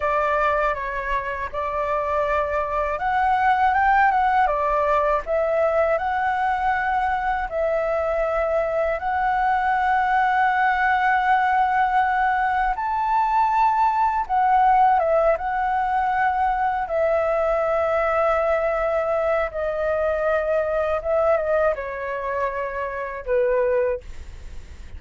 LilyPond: \new Staff \with { instrumentName = "flute" } { \time 4/4 \tempo 4 = 80 d''4 cis''4 d''2 | fis''4 g''8 fis''8 d''4 e''4 | fis''2 e''2 | fis''1~ |
fis''4 a''2 fis''4 | e''8 fis''2 e''4.~ | e''2 dis''2 | e''8 dis''8 cis''2 b'4 | }